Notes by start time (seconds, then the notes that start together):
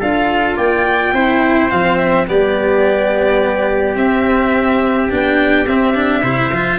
0.00 D4 F4 A4 F5
0.57 A#3 D5 G5
1.13 C4 E4 C5
1.70 F3 C4 F5
1.98 E5
2.27 G3 B3 G4 D5
3.96 C4 E5
5.09 B3 D4 G5
5.67 C4 E5
5.95 D4
6.23 C3 E4 C5
6.52 F3 F4